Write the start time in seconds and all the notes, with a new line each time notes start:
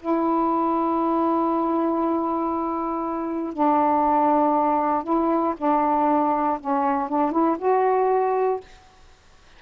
0.00 E4
3.53 D4
5.04 E4
5.57 D4
6.61 C#4
7.09 D4
7.32 E4
7.59 F#4